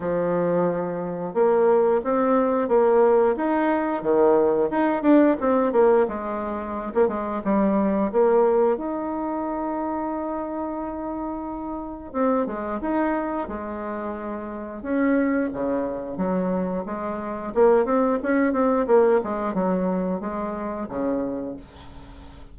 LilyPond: \new Staff \with { instrumentName = "bassoon" } { \time 4/4 \tempo 4 = 89 f2 ais4 c'4 | ais4 dis'4 dis4 dis'8 d'8 | c'8 ais8 gis4~ gis16 ais16 gis8 g4 | ais4 dis'2.~ |
dis'2 c'8 gis8 dis'4 | gis2 cis'4 cis4 | fis4 gis4 ais8 c'8 cis'8 c'8 | ais8 gis8 fis4 gis4 cis4 | }